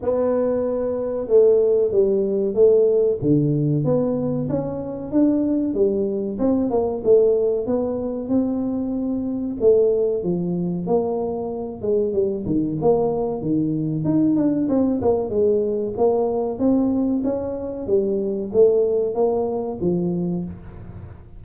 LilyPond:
\new Staff \with { instrumentName = "tuba" } { \time 4/4 \tempo 4 = 94 b2 a4 g4 | a4 d4 b4 cis'4 | d'4 g4 c'8 ais8 a4 | b4 c'2 a4 |
f4 ais4. gis8 g8 dis8 | ais4 dis4 dis'8 d'8 c'8 ais8 | gis4 ais4 c'4 cis'4 | g4 a4 ais4 f4 | }